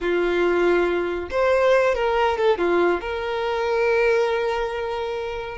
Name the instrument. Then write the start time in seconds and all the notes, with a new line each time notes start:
violin
0.01 F4
1.30 C5
1.94 A#4
2.37 A4
2.58 F4
3.00 A#4